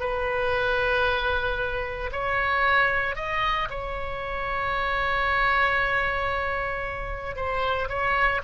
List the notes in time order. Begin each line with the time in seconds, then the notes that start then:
0.00 B4
2.12 C#5
3.16 D#5
3.70 C#5
7.36 C5
7.89 C#5